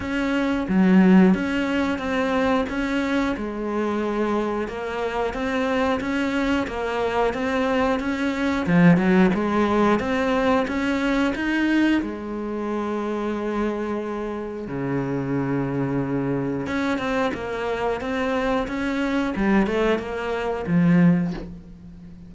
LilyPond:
\new Staff \with { instrumentName = "cello" } { \time 4/4 \tempo 4 = 90 cis'4 fis4 cis'4 c'4 | cis'4 gis2 ais4 | c'4 cis'4 ais4 c'4 | cis'4 f8 fis8 gis4 c'4 |
cis'4 dis'4 gis2~ | gis2 cis2~ | cis4 cis'8 c'8 ais4 c'4 | cis'4 g8 a8 ais4 f4 | }